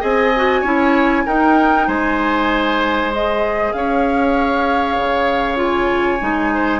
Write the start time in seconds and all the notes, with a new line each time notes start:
0.00 C4 G#4 D#5 G#5
0.36 F#4
0.61 C#4 E4 C#5
1.25 D#4 A#4 G5
1.87 G#3 C5 G#5
3.11 G#4 D#5
3.73 C#4 C#5 F5
4.97 C#3
5.56 F4
5.62 G#5
6.20 G#3 D#4
6.54 C5